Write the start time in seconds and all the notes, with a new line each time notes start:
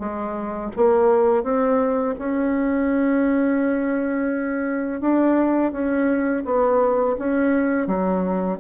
0.00 G#3
0.77 A#3
1.44 C4
2.19 C#4
5.01 D4
5.72 C#4
6.45 B3
7.19 C#4
7.87 F#3